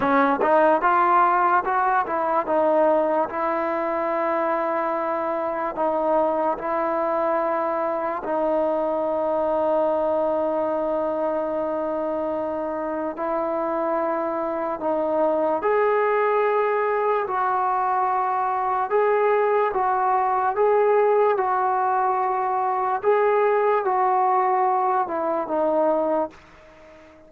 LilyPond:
\new Staff \with { instrumentName = "trombone" } { \time 4/4 \tempo 4 = 73 cis'8 dis'8 f'4 fis'8 e'8 dis'4 | e'2. dis'4 | e'2 dis'2~ | dis'1 |
e'2 dis'4 gis'4~ | gis'4 fis'2 gis'4 | fis'4 gis'4 fis'2 | gis'4 fis'4. e'8 dis'4 | }